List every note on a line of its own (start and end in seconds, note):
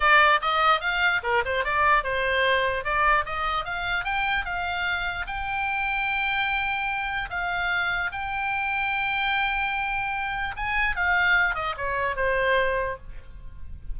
0.00 0.40 D5
0.41 0.80 D#5
0.80 1.21 F5
1.23 1.43 A#4
1.45 1.64 C5
1.64 2.03 D5
2.03 2.84 C5
2.84 3.24 D5
3.25 3.64 D#5
3.64 4.04 F5
4.04 4.45 G5
4.45 5.26 F5
5.26 7.29 G5
7.30 8.11 F5
8.11 10.55 G5
10.56 10.96 G#5
10.96 11.54 F5
11.54 11.75 D#5
11.77 12.16 C#5
12.16 12.97 C5